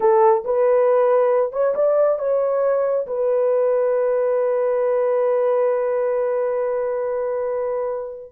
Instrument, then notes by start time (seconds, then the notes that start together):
horn
0.00 A4
0.44 B4
1.52 C#5
1.75 D5
2.18 C#5
3.06 B4